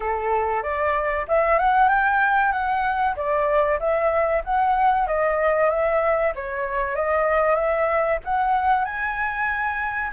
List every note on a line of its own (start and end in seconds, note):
0.00 0.63 A4
0.63 1.26 D5
1.28 1.58 E5
1.58 1.88 F#5
1.88 2.51 G5
2.51 3.15 F#5
3.16 3.79 D5
3.79 4.42 E5
4.44 5.07 F#5
5.07 5.70 D#5
5.70 6.33 E5
6.35 6.95 C#5
6.95 7.55 D#5
7.55 8.18 E5
8.24 8.84 F#5
8.84 10.11 G#5